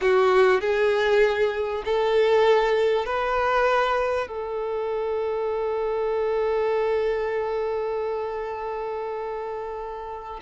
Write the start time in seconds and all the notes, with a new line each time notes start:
0.01 F#4
0.60 G#4
1.85 A4
3.05 B4
4.27 A4